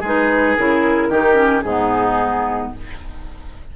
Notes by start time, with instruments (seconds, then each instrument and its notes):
0.00 bassoon G#3, clarinet D#4, oboe G#4, flute B4
0.57 bassoon C#3, clarinet E4, flute A#4
1.09 bassoon D#3, clarinet D#4, oboe G4
1.34 clarinet C#4
1.61 bassoon G#2, oboe D#4, flute G#4
1.68 clarinet B3